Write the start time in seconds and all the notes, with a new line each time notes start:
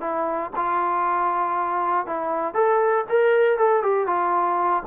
0.00 E4
0.55 F4
2.06 E4
2.54 A4
3.09 A#4
3.57 A4
3.83 G4
4.07 F4